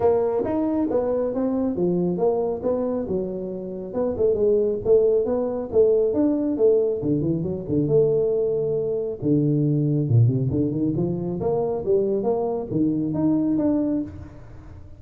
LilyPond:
\new Staff \with { instrumentName = "tuba" } { \time 4/4 \tempo 4 = 137 ais4 dis'4 b4 c'4 | f4 ais4 b4 fis4~ | fis4 b8 a8 gis4 a4 | b4 a4 d'4 a4 |
d8 e8 fis8 d8 a2~ | a4 d2 ais,8 c8 | d8 dis8 f4 ais4 g4 | ais4 dis4 dis'4 d'4 | }